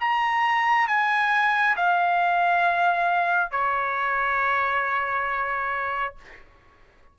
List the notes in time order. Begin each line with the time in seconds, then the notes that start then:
0.00 A#5
0.88 G#5
1.77 F5
3.51 C#5